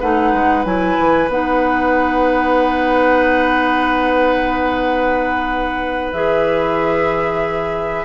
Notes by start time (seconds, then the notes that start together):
0.00 A3 D#4 B4 F#5
0.33 G#3
0.64 F#3 E4 G#5
0.98 E3
1.28 B3 D#4 F#5
6.12 E3 G#4 E5